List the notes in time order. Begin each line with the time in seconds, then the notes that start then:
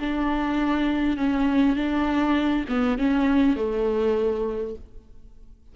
0.00 D4
1.17 C#4
1.76 D4
2.69 B3
2.99 C#4
3.56 A3